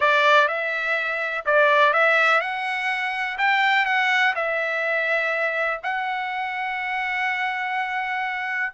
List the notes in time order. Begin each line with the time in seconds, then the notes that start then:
0.00 D5
0.48 E5
1.45 D5
1.93 E5
2.40 F#5
3.38 G5
3.85 F#5
4.35 E5
5.83 F#5